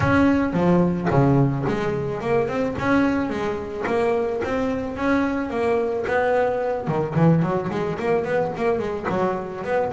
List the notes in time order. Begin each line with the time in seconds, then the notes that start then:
0.00 C#4
0.53 F3
1.10 C#3
1.67 G#3
2.20 A#3
2.47 C4
2.78 C#4
3.29 G#3
3.86 A#3
4.44 C4
4.96 C#4
5.50 A#3
6.07 B3
6.87 D#3
7.15 E3
7.42 F#3
7.71 G#3
7.99 A#3
8.24 B3
8.56 A#3
8.78 G#3
9.09 F#3
9.64 B3